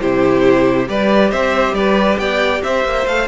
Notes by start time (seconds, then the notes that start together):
0.00 C3 E4 G4 C5
0.86 G3 G4 B4 D5
1.30 C4 C5 E5
1.73 G3 B4 D5
2.18 B3 D5 G5
2.63 C4 C5 E5
2.84 A#3
3.06 A3 A4 F5